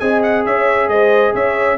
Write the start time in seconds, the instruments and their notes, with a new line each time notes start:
0.00 tuba C4, trombone G#4, horn D#5, trumpet G#5
0.23 trumpet F#5
0.46 tuba C#4, horn C#5, trumpet E5
0.88 tuba G#3, horn C5, trumpet D#5
1.34 tuba C#4, horn C#5, trumpet E5